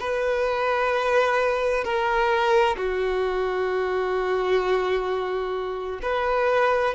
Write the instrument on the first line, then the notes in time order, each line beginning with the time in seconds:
violin
0.00 B4
1.84 A#4
2.77 F#4
6.02 B4